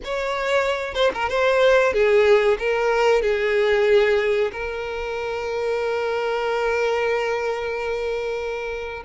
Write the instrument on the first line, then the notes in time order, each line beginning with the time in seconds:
violin
0.04 C#5
0.94 C5
1.13 A#4
1.29 C5
1.93 G#4
2.58 A#4
3.22 G#4
4.52 A#4